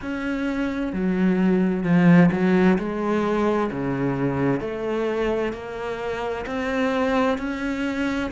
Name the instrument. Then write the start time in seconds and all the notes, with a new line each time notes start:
cello
0.01 C#4
0.92 F#3
1.83 F3
2.31 F#3
2.78 G#3
3.71 C#3
4.60 A3
5.53 A#3
6.46 C4
7.38 C#4